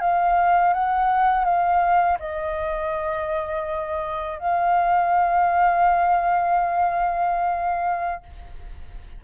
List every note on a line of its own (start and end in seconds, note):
0.00 0.73 F5
0.73 1.44 F#5
1.44 2.18 F5
2.19 4.38 D#5
4.38 8.23 F5